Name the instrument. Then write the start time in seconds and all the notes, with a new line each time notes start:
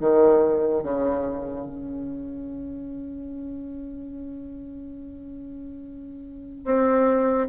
bassoon
0.00 D#3
0.83 C#3
1.66 C#4
6.65 C4